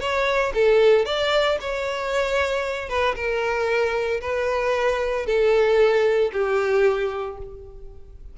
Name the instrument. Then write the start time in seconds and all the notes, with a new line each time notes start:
violin
0.00 C#5
0.54 A4
1.05 D5
1.61 C#5
2.89 B4
3.15 A#4
4.21 B4
5.26 A4
6.33 G4